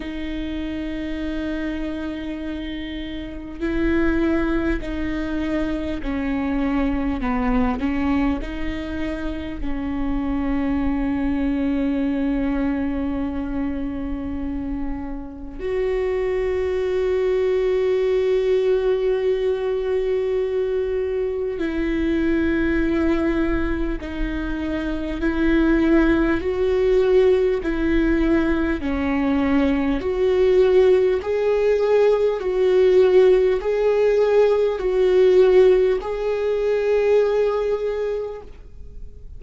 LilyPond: \new Staff \with { instrumentName = "viola" } { \time 4/4 \tempo 4 = 50 dis'2. e'4 | dis'4 cis'4 b8 cis'8 dis'4 | cis'1~ | cis'4 fis'2.~ |
fis'2 e'2 | dis'4 e'4 fis'4 e'4 | cis'4 fis'4 gis'4 fis'4 | gis'4 fis'4 gis'2 | }